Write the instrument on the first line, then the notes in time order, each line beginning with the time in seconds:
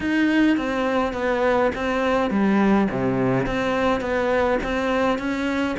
cello
0.00 D#4
0.57 C4
1.13 B3
1.75 C4
2.30 G3
2.90 C3
3.46 C4
4.00 B3
4.63 C4
5.18 C#4